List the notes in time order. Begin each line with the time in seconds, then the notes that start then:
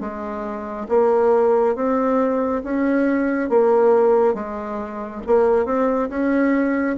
0.00 G#3
0.89 A#3
1.75 C4
2.64 C#4
3.50 A#3
4.34 G#3
5.27 A#3
5.66 C4
6.09 C#4